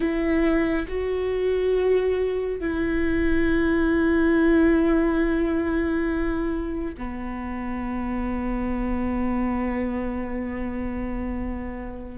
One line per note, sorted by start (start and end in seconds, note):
0.00 0.86 E4
0.88 2.60 F#4
2.60 6.94 E4
6.97 12.18 B3